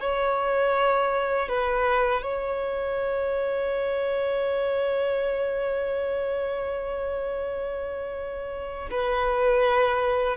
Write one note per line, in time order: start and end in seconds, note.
0.00 1.48 C#5
1.48 2.22 B4
2.22 8.89 C#5
8.91 10.36 B4